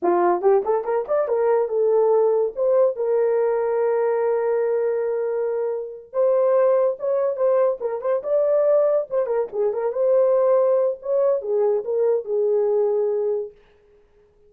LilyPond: \new Staff \with { instrumentName = "horn" } { \time 4/4 \tempo 4 = 142 f'4 g'8 a'8 ais'8 d''8 ais'4 | a'2 c''4 ais'4~ | ais'1~ | ais'2~ ais'8 c''4.~ |
c''8 cis''4 c''4 ais'8 c''8 d''8~ | d''4. c''8 ais'8 gis'8 ais'8 c''8~ | c''2 cis''4 gis'4 | ais'4 gis'2. | }